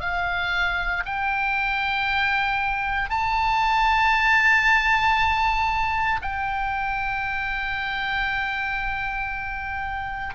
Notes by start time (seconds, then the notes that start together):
0.00 F5
1.05 G5
3.09 A5
6.22 G5